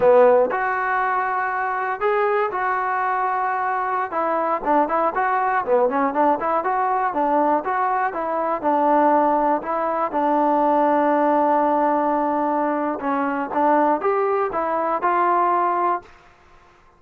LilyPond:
\new Staff \with { instrumentName = "trombone" } { \time 4/4 \tempo 4 = 120 b4 fis'2. | gis'4 fis'2.~ | fis'16 e'4 d'8 e'8 fis'4 b8 cis'16~ | cis'16 d'8 e'8 fis'4 d'4 fis'8.~ |
fis'16 e'4 d'2 e'8.~ | e'16 d'2.~ d'8.~ | d'2 cis'4 d'4 | g'4 e'4 f'2 | }